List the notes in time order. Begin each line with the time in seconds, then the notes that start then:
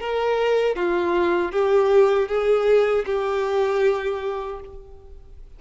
0.00 A#4
0.76 F4
1.51 G4
2.28 G#4
3.05 G4